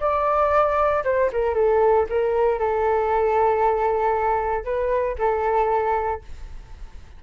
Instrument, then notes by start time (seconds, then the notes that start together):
flute
0.00 D5
1.04 C5
1.32 A#4
1.54 A4
2.09 A#4
2.59 A4
4.64 B4
5.18 A4